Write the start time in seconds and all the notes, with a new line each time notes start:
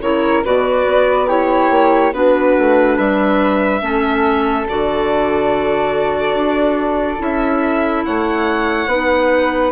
0.00 C#3 E4 A#4 C#5
0.44 B2 F#4 B4 D5
0.86 B3
1.27 E4 G4 C#5
1.70 A#3
2.12 B3 D4 F#4 B4
2.58 A3
2.95 G3 B4 E5
3.80 A3 C#4 A4
4.68 D3 F#4 D5
6.34 D4
7.18 C#4 E4 E5
8.05 A3 C#5 F#5
8.86 B3 D#4 B4